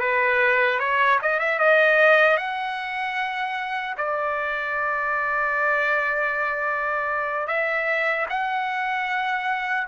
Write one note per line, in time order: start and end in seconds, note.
0.00 0.79 B4
0.79 1.19 C#5
1.22 1.39 D#5
1.39 1.59 E5
1.59 2.36 D#5
2.36 3.94 F#5
3.97 7.47 D5
7.47 8.26 E5
8.29 9.87 F#5